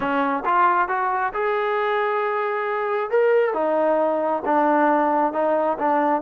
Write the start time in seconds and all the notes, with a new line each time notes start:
0.00 C#4
0.45 F4
0.88 F#4
1.33 G#4
3.10 A#4
3.53 D#4
4.45 D4
5.33 D#4
5.78 D4